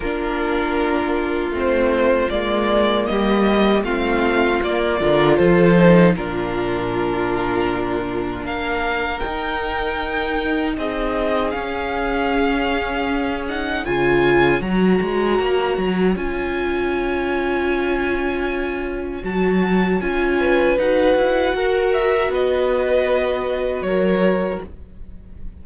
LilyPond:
<<
  \new Staff \with { instrumentName = "violin" } { \time 4/4 \tempo 4 = 78 ais'2 c''4 d''4 | dis''4 f''4 d''4 c''4 | ais'2. f''4 | g''2 dis''4 f''4~ |
f''4. fis''8 gis''4 ais''4~ | ais''4 gis''2.~ | gis''4 a''4 gis''4 fis''4~ | fis''8 e''8 dis''2 cis''4 | }
  \new Staff \with { instrumentName = "violin" } { \time 4/4 f'1 | g'4 f'4. ais'8 a'4 | f'2. ais'4~ | ais'2 gis'2~ |
gis'2 cis''2~ | cis''1~ | cis''2~ cis''8 b'4. | ais'4 b'2 ais'4 | }
  \new Staff \with { instrumentName = "viola" } { \time 4/4 d'2 c'4 ais4~ | ais4 c'4 ais8 f'4 dis'8 | d'1 | dis'2. cis'4~ |
cis'4. dis'8 f'4 fis'4~ | fis'4 f'2.~ | f'4 fis'4 f'4 fis'4~ | fis'1 | }
  \new Staff \with { instrumentName = "cello" } { \time 4/4 ais2 a4 gis4 | g4 a4 ais8 d8 f4 | ais,2. ais4 | dis'2 c'4 cis'4~ |
cis'2 cis4 fis8 gis8 | ais8 fis8 cis'2.~ | cis'4 fis4 cis'4 dis'8 e'8 | fis'4 b2 fis4 | }
>>